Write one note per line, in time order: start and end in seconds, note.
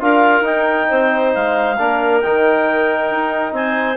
0.00 0.41 D4
0.00 0.44 F4
0.00 0.89 A#4
0.00 0.45 F5
0.41 0.85 D#4
0.41 1.77 D#4
0.41 1.34 G5
0.89 1.35 C4
0.89 1.77 C5
1.34 1.79 G#3
1.34 2.21 F5
1.79 2.24 A#3
1.79 2.23 D4
1.79 3.55 A#4
2.21 3.10 D#3
2.21 3.97 D#4
2.21 3.53 G5
3.10 3.53 D#4
3.53 3.97 C4
3.53 3.97 C5
3.53 3.97 G#5